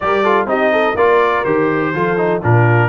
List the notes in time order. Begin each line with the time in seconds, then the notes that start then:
0.00 G3 G4 A#4 D5
0.23 F4 A4
0.45 C4 D#4 G4 D#5
0.72 A4
0.95 A#3 F4 A#4 D5
1.44 D#3 G4 C5
1.93 F3 F4 A4
2.17 D#4
2.42 A#2 D4 F4 A#4